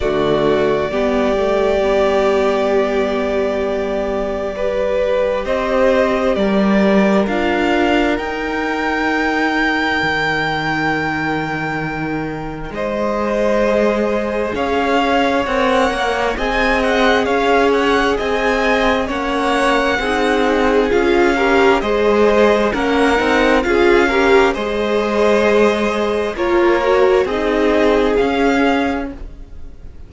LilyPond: <<
  \new Staff \with { instrumentName = "violin" } { \time 4/4 \tempo 4 = 66 d''1~ | d''2 dis''4 d''4 | f''4 g''2.~ | g''2 dis''2 |
f''4 fis''4 gis''8 fis''8 f''8 fis''8 | gis''4 fis''2 f''4 | dis''4 fis''4 f''4 dis''4~ | dis''4 cis''4 dis''4 f''4 | }
  \new Staff \with { instrumentName = "violin" } { \time 4/4 fis'4 g'2.~ | g'4 b'4 c''4 ais'4~ | ais'1~ | ais'2 c''2 |
cis''2 dis''4 cis''4 | dis''4 cis''4 gis'4. ais'8 | c''4 ais'4 gis'8 ais'8 c''4~ | c''4 ais'4 gis'2 | }
  \new Staff \with { instrumentName = "viola" } { \time 4/4 a4 b8 a8 b2~ | b4 g'2. | f'4 dis'2.~ | dis'2. gis'4~ |
gis'4 ais'4 gis'2~ | gis'4 cis'4 dis'4 f'8 g'8 | gis'4 cis'8 dis'8 f'8 g'8 gis'4~ | gis'4 f'8 fis'8 dis'4 cis'4 | }
  \new Staff \with { instrumentName = "cello" } { \time 4/4 d4 g2.~ | g2 c'4 g4 | d'4 dis'2 dis4~ | dis2 gis2 |
cis'4 c'8 ais8 c'4 cis'4 | c'4 ais4 c'4 cis'4 | gis4 ais8 c'8 cis'4 gis4~ | gis4 ais4 c'4 cis'4 | }
>>